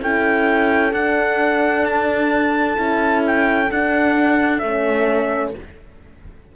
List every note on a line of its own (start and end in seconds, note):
0.00 0.93 C#4
0.00 0.92 E4
0.00 5.55 A4
0.00 0.93 G5
0.93 2.77 D4
0.93 2.75 D4
0.93 1.85 F#5
1.85 3.23 A5
2.75 3.70 C#4
2.75 3.67 E4
3.27 3.71 G5
3.71 4.62 D4
3.71 4.58 F#5
4.58 5.54 A3
4.58 5.55 C#4
4.58 5.51 E5